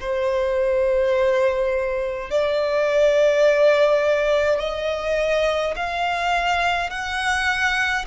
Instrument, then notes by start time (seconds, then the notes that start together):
violin
0.00 C5
2.30 D5
4.59 D#5
5.76 F5
6.90 F#5